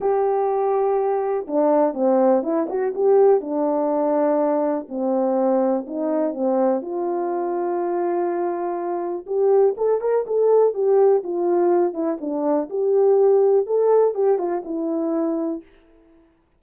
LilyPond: \new Staff \with { instrumentName = "horn" } { \time 4/4 \tempo 4 = 123 g'2. d'4 | c'4 e'8 fis'8 g'4 d'4~ | d'2 c'2 | dis'4 c'4 f'2~ |
f'2. g'4 | a'8 ais'8 a'4 g'4 f'4~ | f'8 e'8 d'4 g'2 | a'4 g'8 f'8 e'2 | }